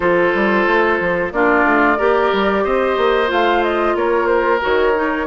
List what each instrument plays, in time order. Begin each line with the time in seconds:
0.00 bassoon F3, clarinet F4, oboe A4, flute C5
0.34 bassoon G3
0.66 bassoon A3
1.00 bassoon F3
1.32 bassoon A#3, clarinet D4, oboe F4, flute D5
1.64 bassoon A3
1.97 bassoon A#3, clarinet G4, oboe A#4
2.32 bassoon G3
2.64 bassoon C4, oboe C5, flute D#5
2.97 bassoon A#3
3.27 bassoon A3, clarinet F4, flute F5
3.63 flute D#5
3.94 bassoon A#3, oboe A#4, flute C#5
4.26 flute C5
4.60 bassoon D#3, clarinet F#4, flute C#5
4.95 clarinet D#4